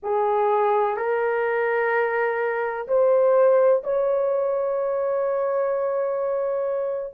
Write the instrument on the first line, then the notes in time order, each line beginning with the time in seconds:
horn
0.03 G#4
0.96 A#4
2.87 C5
3.83 C#5